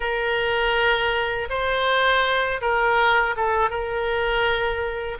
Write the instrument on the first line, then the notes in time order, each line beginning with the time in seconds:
oboe
0.00 A#4
1.49 C5
2.61 A#4
3.36 A4
3.70 A#4